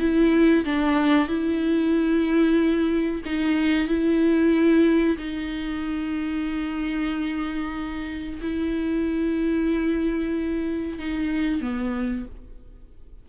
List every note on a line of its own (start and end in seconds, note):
0.00 0.65 E4
0.65 1.28 D4
1.28 3.22 E4
3.26 3.88 D#4
3.88 5.17 E4
5.18 8.41 D#4
8.42 10.99 E4
10.99 11.61 D#4
11.61 12.26 B3